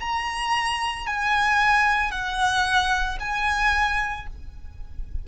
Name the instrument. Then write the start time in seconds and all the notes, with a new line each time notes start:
violin
0.00 A#5
1.07 G#5
2.11 F#5
3.20 G#5